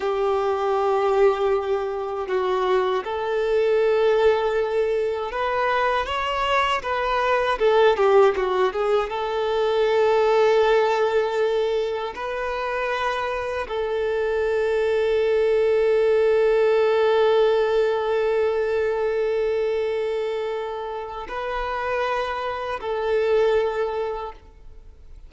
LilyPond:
\new Staff \with { instrumentName = "violin" } { \time 4/4 \tempo 4 = 79 g'2. fis'4 | a'2. b'4 | cis''4 b'4 a'8 g'8 fis'8 gis'8 | a'1 |
b'2 a'2~ | a'1~ | a'1 | b'2 a'2 | }